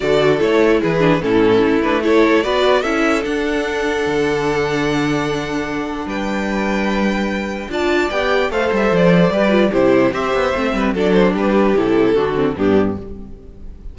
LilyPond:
<<
  \new Staff \with { instrumentName = "violin" } { \time 4/4 \tempo 4 = 148 d''4 cis''4 b'4 a'4~ | a'8 b'8 cis''4 d''4 e''4 | fis''1~ | fis''2. g''4~ |
g''2. a''4 | g''4 f''8 e''8 d''2 | c''4 e''2 d''8 c''8 | b'4 a'2 g'4 | }
  \new Staff \with { instrumentName = "violin" } { \time 4/4 a'2 gis'4 e'4~ | e'4 a'4 b'4 a'4~ | a'1~ | a'2. b'4~ |
b'2. d''4~ | d''4 c''2 b'4 | g'4 c''4. b'8 a'4 | g'2 fis'4 d'4 | }
  \new Staff \with { instrumentName = "viola" } { \time 4/4 fis'4 e'4. d'8 cis'4~ | cis'8 d'8 e'4 fis'4 e'4 | d'1~ | d'1~ |
d'2. f'4 | g'4 a'2 g'8 f'8 | e'4 g'4 c'4 d'4~ | d'4 e'4 d'8 c'8 b4 | }
  \new Staff \with { instrumentName = "cello" } { \time 4/4 d4 a4 e4 a,4 | a2 b4 cis'4 | d'2 d2~ | d2. g4~ |
g2. d'4 | b4 a8 g8 f4 g4 | c4 c'8 b8 a8 g8 fis4 | g4 c4 d4 g,4 | }
>>